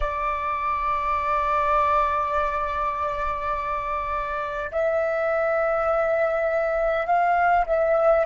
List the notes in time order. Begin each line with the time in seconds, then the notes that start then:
0.00 D5
4.71 E5
7.06 F5
7.66 E5